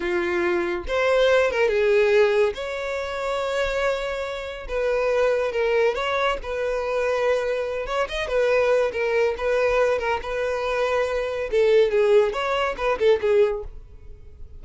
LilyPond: \new Staff \with { instrumentName = "violin" } { \time 4/4 \tempo 4 = 141 f'2 c''4. ais'8 | gis'2 cis''2~ | cis''2. b'4~ | b'4 ais'4 cis''4 b'4~ |
b'2~ b'8 cis''8 dis''8 b'8~ | b'4 ais'4 b'4. ais'8 | b'2. a'4 | gis'4 cis''4 b'8 a'8 gis'4 | }